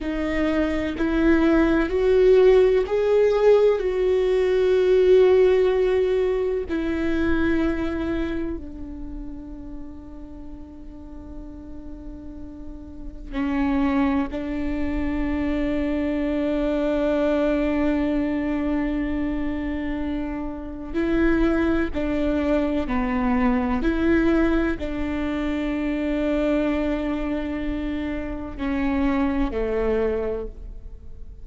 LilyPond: \new Staff \with { instrumentName = "viola" } { \time 4/4 \tempo 4 = 63 dis'4 e'4 fis'4 gis'4 | fis'2. e'4~ | e'4 d'2.~ | d'2 cis'4 d'4~ |
d'1~ | d'2 e'4 d'4 | b4 e'4 d'2~ | d'2 cis'4 a4 | }